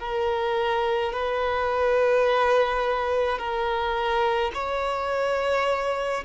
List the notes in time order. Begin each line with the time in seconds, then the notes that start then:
0.00 A#4
1.13 B4
3.39 A#4
4.54 C#5